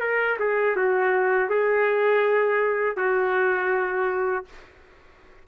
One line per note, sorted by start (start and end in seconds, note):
0.00 0.37 A#4
0.39 0.76 G#4
0.76 1.49 F#4
1.49 2.96 G#4
2.96 4.44 F#4